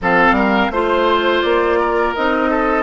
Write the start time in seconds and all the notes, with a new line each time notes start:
0.01 F3 C4 A4 F5
0.31 G3 A#4
0.70 A3 F4 C5
1.42 A#3 D5
1.79 A#4
2.15 C4 D#4 D#5
2.50 A4